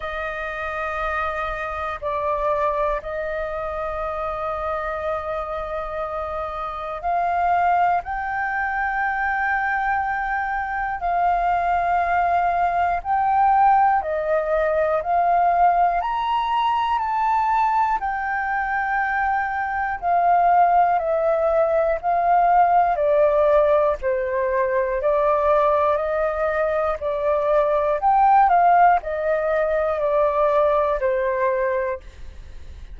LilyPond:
\new Staff \with { instrumentName = "flute" } { \time 4/4 \tempo 4 = 60 dis''2 d''4 dis''4~ | dis''2. f''4 | g''2. f''4~ | f''4 g''4 dis''4 f''4 |
ais''4 a''4 g''2 | f''4 e''4 f''4 d''4 | c''4 d''4 dis''4 d''4 | g''8 f''8 dis''4 d''4 c''4 | }